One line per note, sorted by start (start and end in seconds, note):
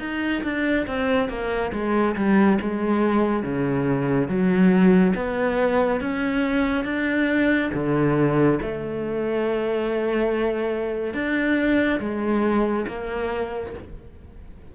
0.00 0.43 D#4
0.44 0.86 D4
0.87 1.29 C4
1.29 1.72 A#3
1.73 2.16 G#3
2.16 2.59 G3
2.61 3.44 G#3
3.44 4.29 C#3
4.29 5.14 F#3
5.15 6.01 B3
6.01 6.85 C#4
6.85 7.71 D4
7.74 8.59 D3
8.62 11.14 A3
11.14 12.00 D4
12.00 12.86 G#3
12.88 13.74 A#3